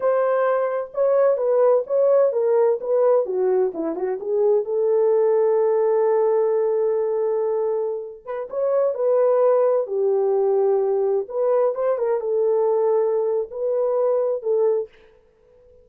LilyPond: \new Staff \with { instrumentName = "horn" } { \time 4/4 \tempo 4 = 129 c''2 cis''4 b'4 | cis''4 ais'4 b'4 fis'4 | e'8 fis'8 gis'4 a'2~ | a'1~ |
a'4.~ a'16 b'8 cis''4 b'8.~ | b'4~ b'16 g'2~ g'8.~ | g'16 b'4 c''8 ais'8 a'4.~ a'16~ | a'4 b'2 a'4 | }